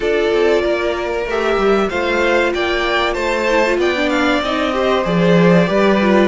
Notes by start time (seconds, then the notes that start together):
0.00 D4 F4 A4 D5
0.32 C4
0.62 A#3 A#4
1.25 A3 G4 E5
1.57 G3
1.89 A3 F4 C5 F5
2.53 A#3 D5 G5
3.13 A3 C5 A5
3.48 E4
3.66 F4
3.77 B3 D5 G5
3.96 D4
4.09 F5
4.41 C4 D#4 D#5
4.72 G4 C5
5.04 F3 G#4 D5
5.66 G3 G4 B4
6.01 F4